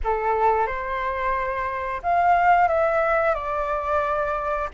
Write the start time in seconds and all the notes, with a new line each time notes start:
0.04 A4
0.66 C5
2.03 F5
2.68 E5
3.34 D5